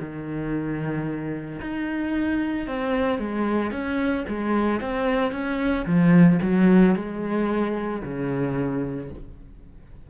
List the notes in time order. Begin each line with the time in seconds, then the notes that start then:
0.00 D#3
1.61 D#4
2.67 C4
3.19 G#3
3.72 C#4
4.29 G#3
4.81 C4
5.32 C#4
5.86 F3
6.42 F#3
6.95 G#3
8.03 C#3